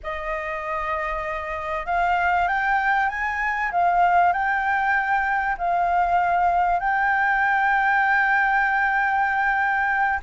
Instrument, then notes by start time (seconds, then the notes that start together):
flute
0.03 D#5
1.86 F5
2.47 G5
3.09 G#5
3.71 F5
4.32 G5
5.58 F5
6.79 G5